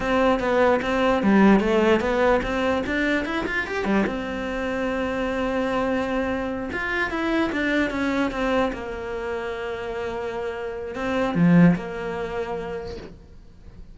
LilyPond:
\new Staff \with { instrumentName = "cello" } { \time 4/4 \tempo 4 = 148 c'4 b4 c'4 g4 | a4 b4 c'4 d'4 | e'8 f'8 g'8 g8 c'2~ | c'1~ |
c'8 f'4 e'4 d'4 cis'8~ | cis'8 c'4 ais2~ ais8~ | ais2. c'4 | f4 ais2. | }